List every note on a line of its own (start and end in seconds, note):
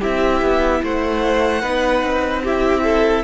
0.00 0.42 C4
0.00 1.63 E4
0.00 0.81 G4
0.00 0.84 E5
0.42 0.82 B3
0.83 1.63 A3
0.83 1.61 C5
0.83 2.47 F#5
1.61 2.02 B3
1.61 2.44 D#4
1.61 2.43 B4
2.02 3.24 C4
2.43 3.24 E4
2.43 2.84 G4
2.43 3.24 E5
2.84 3.24 A4